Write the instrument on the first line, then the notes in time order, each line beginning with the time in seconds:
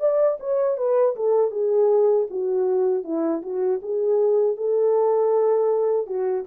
horn
0.00 D5
0.40 C#5
0.78 B4
1.16 A4
1.51 G#4
2.30 F#4
3.04 E4
3.42 F#4
3.82 G#4
4.57 A4
6.07 F#4